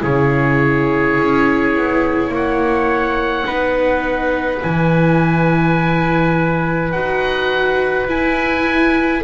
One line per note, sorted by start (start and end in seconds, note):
0.00 1.19 C#3
0.00 3.45 E4
0.00 2.32 G#4
0.00 2.34 C#5
1.19 1.76 C#4
1.76 2.29 B3
2.29 3.44 A#3
2.29 3.47 C#5
2.36 4.63 F#5
3.45 4.63 B3
3.45 4.60 D#4
3.45 9.24 B4
4.63 6.95 E3
4.63 6.94 E4
4.63 6.92 G#5
6.92 8.07 D#4
6.92 8.09 F#4
6.92 8.07 F#5
8.07 9.23 E4
8.07 9.24 E4
8.07 9.25 G#5